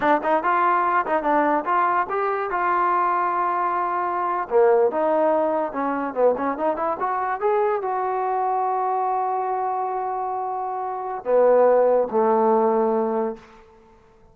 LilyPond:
\new Staff \with { instrumentName = "trombone" } { \time 4/4 \tempo 4 = 144 d'8 dis'8 f'4. dis'8 d'4 | f'4 g'4 f'2~ | f'2~ f'8. ais4 dis'16~ | dis'4.~ dis'16 cis'4 b8 cis'8 dis'16~ |
dis'16 e'8 fis'4 gis'4 fis'4~ fis'16~ | fis'1~ | fis'2. b4~ | b4 a2. | }